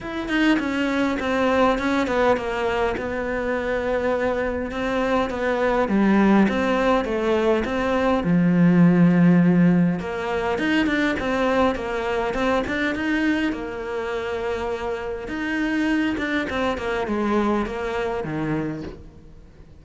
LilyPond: \new Staff \with { instrumentName = "cello" } { \time 4/4 \tempo 4 = 102 e'8 dis'8 cis'4 c'4 cis'8 b8 | ais4 b2. | c'4 b4 g4 c'4 | a4 c'4 f2~ |
f4 ais4 dis'8 d'8 c'4 | ais4 c'8 d'8 dis'4 ais4~ | ais2 dis'4. d'8 | c'8 ais8 gis4 ais4 dis4 | }